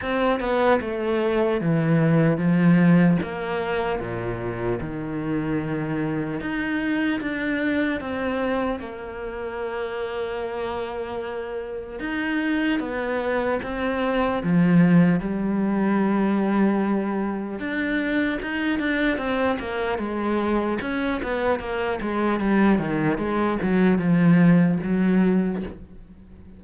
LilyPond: \new Staff \with { instrumentName = "cello" } { \time 4/4 \tempo 4 = 75 c'8 b8 a4 e4 f4 | ais4 ais,4 dis2 | dis'4 d'4 c'4 ais4~ | ais2. dis'4 |
b4 c'4 f4 g4~ | g2 d'4 dis'8 d'8 | c'8 ais8 gis4 cis'8 b8 ais8 gis8 | g8 dis8 gis8 fis8 f4 fis4 | }